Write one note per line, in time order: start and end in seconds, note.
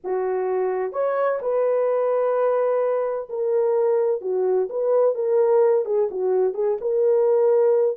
0.04 0.92 F#4
0.92 1.39 C#5
1.41 3.29 B4
3.29 4.21 A#4
4.21 4.68 F#4
4.69 5.14 B4
5.14 5.85 A#4
5.85 6.08 G#4
6.10 6.54 F#4
6.54 6.77 G#4
6.80 7.97 A#4